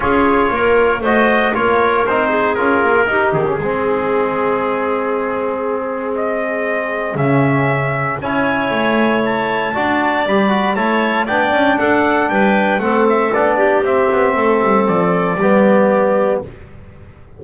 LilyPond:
<<
  \new Staff \with { instrumentName = "trumpet" } { \time 4/4 \tempo 4 = 117 cis''2 dis''4 cis''4 | c''4 ais'4. gis'4.~ | gis'1 | dis''2 e''2 |
gis''2 a''2 | b''4 a''4 g''4 fis''4 | g''4 fis''8 e''8 d''4 e''4~ | e''4 d''2. | }
  \new Staff \with { instrumentName = "clarinet" } { \time 4/4 gis'4 ais'4 c''4 ais'4~ | ais'8 gis'4. g'4 gis'4~ | gis'1~ | gis'1 |
cis''2. d''4~ | d''4 cis''4 d''4 a'4 | b'4 a'4. g'4. | a'2 g'2 | }
  \new Staff \with { instrumentName = "trombone" } { \time 4/4 f'2 fis'4 f'4 | dis'4 f'4 dis'8. cis'16 c'4~ | c'1~ | c'2 cis'2 |
e'2. fis'4 | g'8 fis'8 e'4 d'2~ | d'4 c'4 d'4 c'4~ | c'2 b2 | }
  \new Staff \with { instrumentName = "double bass" } { \time 4/4 cis'4 ais4 a4 ais4 | c'4 cis'8 ais8 dis'8 dis8 gis4~ | gis1~ | gis2 cis2 |
cis'4 a2 d'4 | g4 a4 b8 cis'8 d'4 | g4 a4 b4 c'8 b8 | a8 g8 f4 g2 | }
>>